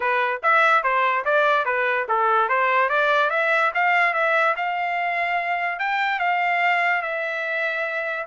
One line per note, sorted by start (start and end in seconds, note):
0.00 0.41 B4
0.43 0.83 E5
0.83 1.24 C5
1.25 1.65 D5
1.65 2.06 B4
2.08 2.48 A4
2.48 2.89 C5
2.89 3.30 D5
3.30 3.71 E5
3.74 4.13 F5
4.13 4.55 E5
4.56 5.79 F5
5.79 6.19 G5
6.19 7.01 F5
7.01 8.26 E5